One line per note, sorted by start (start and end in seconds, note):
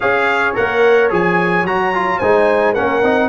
0.00 0.57 C#4
0.00 0.54 G#4
0.00 2.18 C#5
0.00 0.54 F5
0.54 1.11 A#3
0.54 1.10 A#4
0.54 1.10 F#5
1.10 1.63 F3
1.10 1.65 G#4
1.10 1.66 G#5
1.63 2.18 F#3
1.63 1.94 F#4
1.63 2.18 A#5
1.94 2.21 F4
2.18 2.76 G#3
2.18 2.75 D#4
2.18 2.73 C5
2.18 2.73 G#5
2.73 3.02 A#3
2.73 3.02 C#4
2.73 3.28 A#4
2.73 3.29 F#5
3.02 3.29 C4
3.02 3.29 D#4